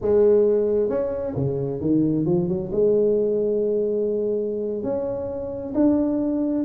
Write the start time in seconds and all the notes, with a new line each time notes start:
0.01 G#3
0.89 C#4
1.35 C#3
1.80 D#3
2.25 F3
2.48 F#3
2.72 G#3
4.83 C#4
5.74 D4